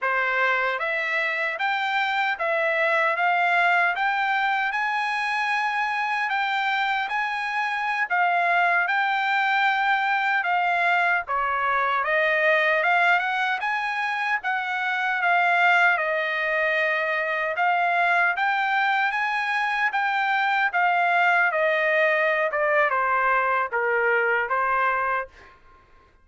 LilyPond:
\new Staff \with { instrumentName = "trumpet" } { \time 4/4 \tempo 4 = 76 c''4 e''4 g''4 e''4 | f''4 g''4 gis''2 | g''4 gis''4~ gis''16 f''4 g''8.~ | g''4~ g''16 f''4 cis''4 dis''8.~ |
dis''16 f''8 fis''8 gis''4 fis''4 f''8.~ | f''16 dis''2 f''4 g''8.~ | g''16 gis''4 g''4 f''4 dis''8.~ | dis''8 d''8 c''4 ais'4 c''4 | }